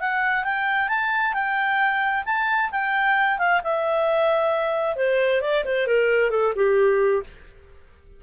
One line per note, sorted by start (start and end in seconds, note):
0.00 0.44 F#5
0.44 0.88 G5
0.88 1.33 A5
1.34 2.24 G5
2.25 2.70 A5
2.71 3.39 G5
3.39 3.61 F5
3.64 4.96 E5
4.96 5.41 C5
5.41 5.64 D5
5.65 5.87 C5
5.87 6.31 A#4
6.31 6.53 A4
6.56 7.23 G4